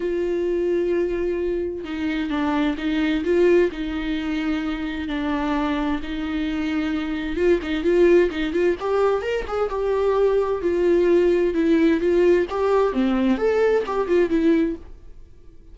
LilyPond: \new Staff \with { instrumentName = "viola" } { \time 4/4 \tempo 4 = 130 f'1 | dis'4 d'4 dis'4 f'4 | dis'2. d'4~ | d'4 dis'2. |
f'8 dis'8 f'4 dis'8 f'8 g'4 | ais'8 gis'8 g'2 f'4~ | f'4 e'4 f'4 g'4 | c'4 a'4 g'8 f'8 e'4 | }